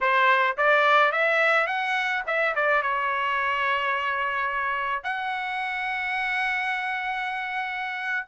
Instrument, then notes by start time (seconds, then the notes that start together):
trumpet
0.00 C5
0.57 D5
1.12 E5
1.66 F#5
2.26 E5
2.55 D5
2.82 C#5
5.03 F#5